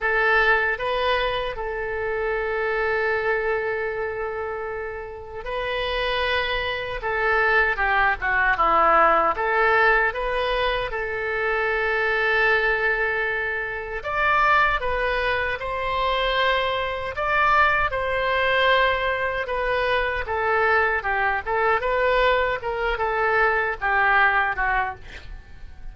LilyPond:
\new Staff \with { instrumentName = "oboe" } { \time 4/4 \tempo 4 = 77 a'4 b'4 a'2~ | a'2. b'4~ | b'4 a'4 g'8 fis'8 e'4 | a'4 b'4 a'2~ |
a'2 d''4 b'4 | c''2 d''4 c''4~ | c''4 b'4 a'4 g'8 a'8 | b'4 ais'8 a'4 g'4 fis'8 | }